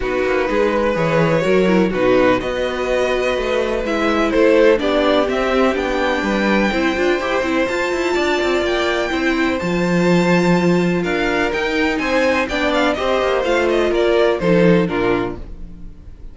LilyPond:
<<
  \new Staff \with { instrumentName = "violin" } { \time 4/4 \tempo 4 = 125 b'2 cis''2 | b'4 dis''2. | e''4 c''4 d''4 e''4 | g''1 |
a''2 g''2 | a''2. f''4 | g''4 gis''4 g''8 f''8 dis''4 | f''8 dis''8 d''4 c''4 ais'4 | }
  \new Staff \with { instrumentName = "violin" } { \time 4/4 fis'4 gis'8 b'4. ais'4 | fis'4 b'2.~ | b'4 a'4 g'2~ | g'4 b'4 c''2~ |
c''4 d''2 c''4~ | c''2. ais'4~ | ais'4 c''4 d''4 c''4~ | c''4 ais'4 a'4 f'4 | }
  \new Staff \with { instrumentName = "viola" } { \time 4/4 dis'2 gis'4 fis'8 e'8 | dis'4 fis'2. | e'2 d'4 c'4 | d'2 e'8 f'8 g'8 e'8 |
f'2. e'4 | f'1 | dis'2 d'4 g'4 | f'2 dis'4 d'4 | }
  \new Staff \with { instrumentName = "cello" } { \time 4/4 b8 ais8 gis4 e4 fis4 | b,4 b2 a4 | gis4 a4 b4 c'4 | b4 g4 c'8 d'8 e'8 c'8 |
f'8 e'8 d'8 c'8 ais4 c'4 | f2. d'4 | dis'4 c'4 b4 c'8 ais8 | a4 ais4 f4 ais,4 | }
>>